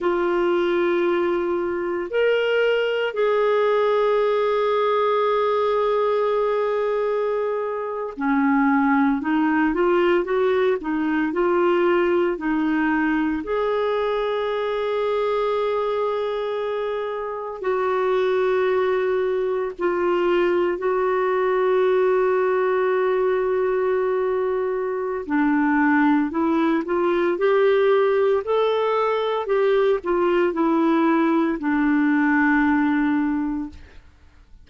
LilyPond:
\new Staff \with { instrumentName = "clarinet" } { \time 4/4 \tempo 4 = 57 f'2 ais'4 gis'4~ | gis'2.~ gis'8. cis'16~ | cis'8. dis'8 f'8 fis'8 dis'8 f'4 dis'16~ | dis'8. gis'2.~ gis'16~ |
gis'8. fis'2 f'4 fis'16~ | fis'1 | d'4 e'8 f'8 g'4 a'4 | g'8 f'8 e'4 d'2 | }